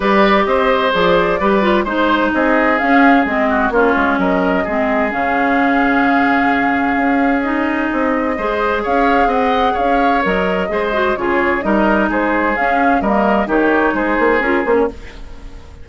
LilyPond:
<<
  \new Staff \with { instrumentName = "flute" } { \time 4/4 \tempo 4 = 129 d''4 dis''4 d''2 | c''4 dis''4 f''4 dis''4 | cis''4 dis''2 f''4~ | f''1 |
dis''2. f''4 | fis''4 f''4 dis''2 | cis''4 dis''4 c''4 f''4 | dis''4 cis''4 c''4 ais'8 c''16 cis''16 | }
  \new Staff \with { instrumentName = "oboe" } { \time 4/4 b'4 c''2 b'4 | c''4 gis'2~ gis'8 fis'8 | f'4 ais'4 gis'2~ | gis'1~ |
gis'2 c''4 cis''4 | dis''4 cis''2 c''4 | gis'4 ais'4 gis'2 | ais'4 g'4 gis'2 | }
  \new Staff \with { instrumentName = "clarinet" } { \time 4/4 g'2 gis'4 g'8 f'8 | dis'2 cis'4 c'4 | cis'2 c'4 cis'4~ | cis'1 |
dis'2 gis'2~ | gis'2 ais'4 gis'8 fis'8 | f'4 dis'2 cis'4 | ais4 dis'2 f'8 cis'8 | }
  \new Staff \with { instrumentName = "bassoon" } { \time 4/4 g4 c'4 f4 g4 | gis4 c'4 cis'4 gis4 | ais8 gis8 fis4 gis4 cis4~ | cis2. cis'4~ |
cis'4 c'4 gis4 cis'4 | c'4 cis'4 fis4 gis4 | cis4 g4 gis4 cis'4 | g4 dis4 gis8 ais8 cis'8 ais8 | }
>>